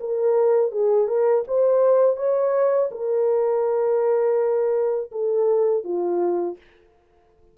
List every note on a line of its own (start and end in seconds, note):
0.00 0.72 A#4
0.72 1.07 G#4
1.07 1.44 A#4
1.48 2.16 C5
2.16 2.89 C#5
2.91 5.11 A#4
5.12 5.84 A4
5.84 6.57 F4